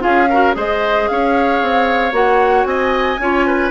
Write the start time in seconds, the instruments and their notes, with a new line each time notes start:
0.00 bassoon C#4, clarinet F4, oboe G#4, flute F5
0.29 clarinet F#4, oboe A#4
0.53 bassoon G#3, clarinet G#4, oboe C5, flute D#5
1.08 bassoon C#4, oboe C#5, flute F5
1.61 bassoon C4
2.12 bassoon A#3, clarinet F#4, flute F#5
2.64 bassoon C4, oboe D#5, flute G#5
3.18 bassoon C#4, clarinet F4, oboe C#5
3.46 oboe B4